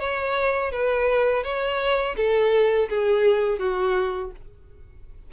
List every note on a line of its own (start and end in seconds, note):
0.00 0.72 C#5
0.72 1.44 B4
1.44 2.16 C#5
2.17 2.89 A4
2.90 3.59 G#4
3.59 4.32 F#4